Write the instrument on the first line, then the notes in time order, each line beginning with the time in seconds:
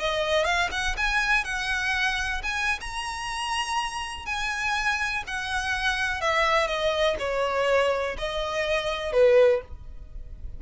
violin
0.00 D#5
0.45 F5
0.71 F#5
0.97 G#5
1.45 F#5
2.43 G#5
2.81 A#5
4.26 G#5
5.27 F#5
6.21 E5
6.68 D#5
7.19 C#5
8.18 D#5
9.13 B4